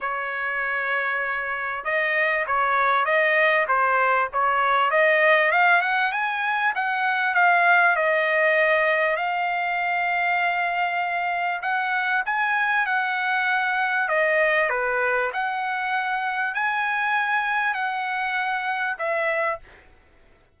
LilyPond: \new Staff \with { instrumentName = "trumpet" } { \time 4/4 \tempo 4 = 98 cis''2. dis''4 | cis''4 dis''4 c''4 cis''4 | dis''4 f''8 fis''8 gis''4 fis''4 | f''4 dis''2 f''4~ |
f''2. fis''4 | gis''4 fis''2 dis''4 | b'4 fis''2 gis''4~ | gis''4 fis''2 e''4 | }